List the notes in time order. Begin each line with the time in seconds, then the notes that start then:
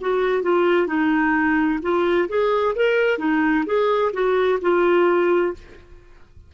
0.00 F#4
0.42 F4
0.87 D#4
1.82 F4
2.28 G#4
2.75 A#4
3.18 D#4
3.65 G#4
4.12 F#4
4.61 F4